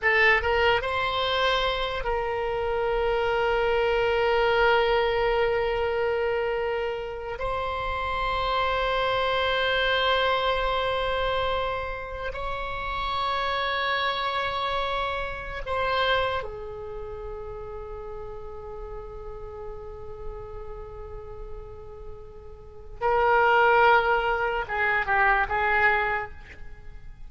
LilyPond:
\new Staff \with { instrumentName = "oboe" } { \time 4/4 \tempo 4 = 73 a'8 ais'8 c''4. ais'4.~ | ais'1~ | ais'4 c''2.~ | c''2. cis''4~ |
cis''2. c''4 | gis'1~ | gis'1 | ais'2 gis'8 g'8 gis'4 | }